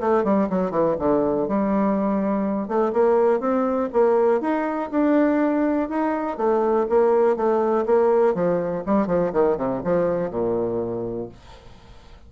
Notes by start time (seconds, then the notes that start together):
0.00 A3
0.24 G3
0.50 F#3
0.71 E3
0.99 D3
1.48 G3
2.68 A3
2.93 A#3
3.40 C4
3.93 A#3
4.41 D#4
4.91 D4
5.89 D#4
6.37 A3
6.89 A#3
7.36 A3
7.86 A#3
8.35 F3
8.86 G3
9.07 F3
9.33 D#3
9.57 C3
9.84 F3
10.31 A#2